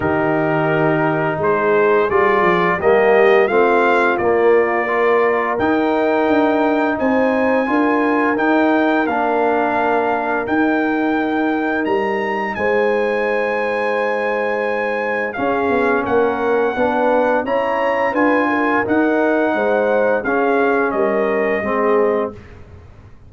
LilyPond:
<<
  \new Staff \with { instrumentName = "trumpet" } { \time 4/4 \tempo 4 = 86 ais'2 c''4 d''4 | dis''4 f''4 d''2 | g''2 gis''2 | g''4 f''2 g''4~ |
g''4 ais''4 gis''2~ | gis''2 f''4 fis''4~ | fis''4 ais''4 gis''4 fis''4~ | fis''4 f''4 dis''2 | }
  \new Staff \with { instrumentName = "horn" } { \time 4/4 g'2 gis'2 | g'4 f'2 ais'4~ | ais'2 c''4 ais'4~ | ais'1~ |
ais'2 c''2~ | c''2 gis'4 ais'4 | b'4 cis''4 b'8 ais'4. | c''4 gis'4 ais'4 gis'4 | }
  \new Staff \with { instrumentName = "trombone" } { \time 4/4 dis'2. f'4 | ais4 c'4 ais4 f'4 | dis'2. f'4 | dis'4 d'2 dis'4~ |
dis'1~ | dis'2 cis'2 | d'4 e'4 f'4 dis'4~ | dis'4 cis'2 c'4 | }
  \new Staff \with { instrumentName = "tuba" } { \time 4/4 dis2 gis4 g8 f8 | g4 a4 ais2 | dis'4 d'4 c'4 d'4 | dis'4 ais2 dis'4~ |
dis'4 g4 gis2~ | gis2 cis'8 b8 ais4 | b4 cis'4 d'4 dis'4 | gis4 cis'4 g4 gis4 | }
>>